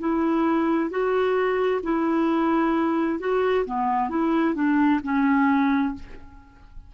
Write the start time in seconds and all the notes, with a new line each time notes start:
0.00 E4
0.90 F#4
1.83 E4
3.20 F#4
3.66 B3
4.10 E4
4.55 D4
5.04 C#4